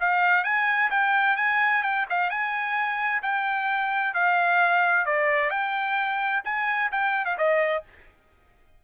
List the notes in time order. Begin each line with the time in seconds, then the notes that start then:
0.00 F5
0.44 G#5
0.91 G5
1.37 G#5
1.83 G5
2.10 F5
2.30 G#5
3.23 G5
4.14 F5
5.06 D5
5.50 G5
6.45 G#5
6.92 G5
7.26 F5
7.38 D#5